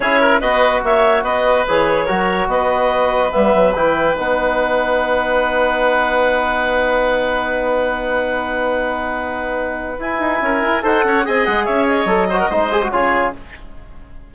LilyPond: <<
  \new Staff \with { instrumentName = "clarinet" } { \time 4/4 \tempo 4 = 144 cis''4 dis''4 e''4 dis''4 | cis''2 dis''2 | e''4 g''4 fis''2~ | fis''1~ |
fis''1~ | fis''1 | gis''2 fis''4 gis''8 fis''8 | e''8 dis''2~ dis''8 cis''4 | }
  \new Staff \with { instrumentName = "oboe" } { \time 4/4 gis'8 ais'8 b'4 cis''4 b'4~ | b'4 ais'4 b'2~ | b'1~ | b'1~ |
b'1~ | b'1~ | b'4 ais'4 c''8 cis''8 dis''4 | cis''4. c''16 ais'16 c''4 gis'4 | }
  \new Staff \with { instrumentName = "trombone" } { \time 4/4 e'4 fis'2. | gis'4 fis'2. | b4 e'4 dis'2~ | dis'1~ |
dis'1~ | dis'1 | e'2 a'4 gis'4~ | gis'4 a'8 fis'8 dis'8 gis'16 fis'16 f'4 | }
  \new Staff \with { instrumentName = "bassoon" } { \time 4/4 cis'4 b4 ais4 b4 | e4 fis4 b2 | g8 fis8 e4 b2~ | b1~ |
b1~ | b1 | e'8 dis'8 cis'8 e'8 dis'8 cis'8 c'8 gis8 | cis'4 fis4 gis4 cis4 | }
>>